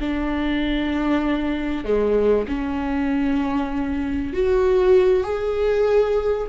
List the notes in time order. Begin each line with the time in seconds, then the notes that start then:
0.00 D4
1.84 G#3
2.48 C#4
4.33 F#4
5.24 G#4